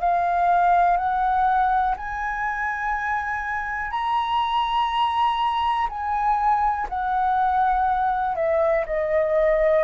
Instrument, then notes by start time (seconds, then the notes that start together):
flute
0.00 F5
0.97 F#5
1.97 G#5
3.91 A#5
5.89 G#5
6.89 F#5
8.36 E5
8.86 D#5